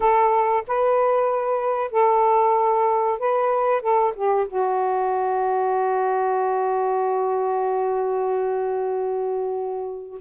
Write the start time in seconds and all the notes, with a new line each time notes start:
0.00 A4
0.67 B4
1.91 A4
3.19 B4
3.82 A4
4.15 G4
4.47 F#4